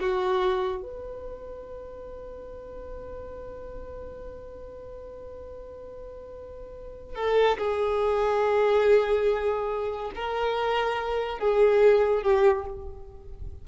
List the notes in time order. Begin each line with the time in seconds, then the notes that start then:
0.00 F#4
0.83 B4
7.15 A4
7.58 G#4
10.15 A#4
11.39 G#4
12.23 G4